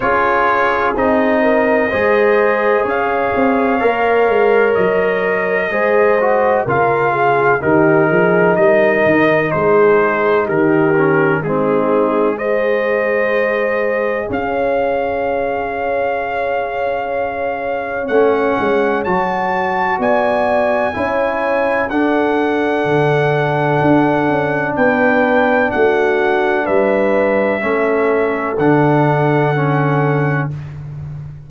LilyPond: <<
  \new Staff \with { instrumentName = "trumpet" } { \time 4/4 \tempo 4 = 63 cis''4 dis''2 f''4~ | f''4 dis''2 f''4 | ais'4 dis''4 c''4 ais'4 | gis'4 dis''2 f''4~ |
f''2. fis''4 | a''4 gis''2 fis''4~ | fis''2 g''4 fis''4 | e''2 fis''2 | }
  \new Staff \with { instrumentName = "horn" } { \time 4/4 gis'4. ais'8 c''4 cis''4~ | cis''2 c''4 ais'8 gis'8 | g'8 gis'8 ais'4 gis'4 g'4 | dis'4 c''2 cis''4~ |
cis''1~ | cis''4 d''4 cis''4 a'4~ | a'2 b'4 fis'4 | b'4 a'2. | }
  \new Staff \with { instrumentName = "trombone" } { \time 4/4 f'4 dis'4 gis'2 | ais'2 gis'8 fis'8 f'4 | dis'2.~ dis'8 cis'8 | c'4 gis'2.~ |
gis'2. cis'4 | fis'2 e'4 d'4~ | d'1~ | d'4 cis'4 d'4 cis'4 | }
  \new Staff \with { instrumentName = "tuba" } { \time 4/4 cis'4 c'4 gis4 cis'8 c'8 | ais8 gis8 fis4 gis4 cis4 | dis8 f8 g8 dis8 gis4 dis4 | gis2. cis'4~ |
cis'2. a8 gis8 | fis4 b4 cis'4 d'4 | d4 d'8 cis'8 b4 a4 | g4 a4 d2 | }
>>